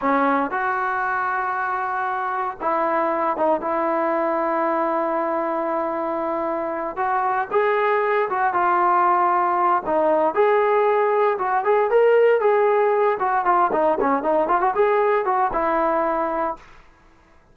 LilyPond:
\new Staff \with { instrumentName = "trombone" } { \time 4/4 \tempo 4 = 116 cis'4 fis'2.~ | fis'4 e'4. dis'8 e'4~ | e'1~ | e'4. fis'4 gis'4. |
fis'8 f'2~ f'8 dis'4 | gis'2 fis'8 gis'8 ais'4 | gis'4. fis'8 f'8 dis'8 cis'8 dis'8 | f'16 fis'16 gis'4 fis'8 e'2 | }